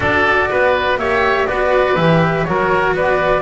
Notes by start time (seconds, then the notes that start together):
0.00 D4 F#4 A4 D5
0.50 B3 B4
0.97 A#3 G4 C#5 E5
1.46 B3 F#4 B4 D5
1.95 E3 G4 E5
2.44 F#3 F#4 A#4 C#5
2.93 B3 B4 D5